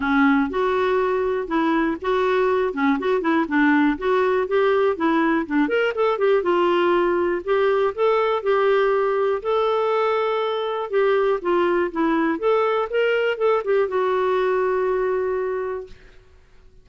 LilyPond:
\new Staff \with { instrumentName = "clarinet" } { \time 4/4 \tempo 4 = 121 cis'4 fis'2 e'4 | fis'4. cis'8 fis'8 e'8 d'4 | fis'4 g'4 e'4 d'8 ais'8 | a'8 g'8 f'2 g'4 |
a'4 g'2 a'4~ | a'2 g'4 f'4 | e'4 a'4 ais'4 a'8 g'8 | fis'1 | }